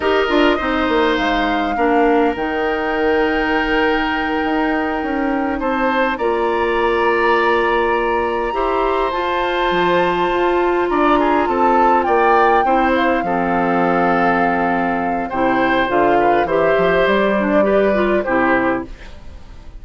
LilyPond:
<<
  \new Staff \with { instrumentName = "flute" } { \time 4/4 \tempo 4 = 102 dis''2 f''2 | g''1~ | g''4. a''4 ais''4.~ | ais''2.~ ais''8 a''8~ |
a''2~ a''8 ais''4 a''8~ | a''8 g''4. f''2~ | f''2 g''4 f''4 | e''4 d''2 c''4 | }
  \new Staff \with { instrumentName = "oboe" } { \time 4/4 ais'4 c''2 ais'4~ | ais'1~ | ais'4. c''4 d''4.~ | d''2~ d''8 c''4.~ |
c''2~ c''8 d''8 gis'8 a'8~ | a'8 d''4 c''4 a'4.~ | a'2 c''4. b'8 | c''2 b'4 g'4 | }
  \new Staff \with { instrumentName = "clarinet" } { \time 4/4 g'8 f'8 dis'2 d'4 | dis'1~ | dis'2~ dis'8 f'4.~ | f'2~ f'8 g'4 f'8~ |
f'1~ | f'4. e'4 c'4.~ | c'2 e'4 f'4 | g'4. d'8 g'8 f'8 e'4 | }
  \new Staff \with { instrumentName = "bassoon" } { \time 4/4 dis'8 d'8 c'8 ais8 gis4 ais4 | dis2.~ dis8 dis'8~ | dis'8 cis'4 c'4 ais4.~ | ais2~ ais8 e'4 f'8~ |
f'8 f4 f'4 d'4 c'8~ | c'8 ais4 c'4 f4.~ | f2 c4 d4 | e8 f8 g2 c4 | }
>>